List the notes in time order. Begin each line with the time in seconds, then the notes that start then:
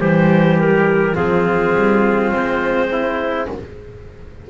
0.00 E3 G3 G4 C5
0.59 A#4
1.15 F3 C4 F4 G#4
1.75 G3
2.33 G#3 C5
2.92 E4